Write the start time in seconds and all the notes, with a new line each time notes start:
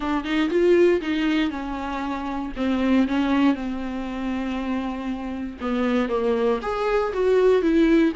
0.00 D4
0.24 D#4
0.49 F4
1.01 D#4
1.50 C#4
2.56 C4
3.07 C#4
3.54 C4
5.60 B3
6.08 A#3
6.61 G#4
7.13 F#4
7.62 E4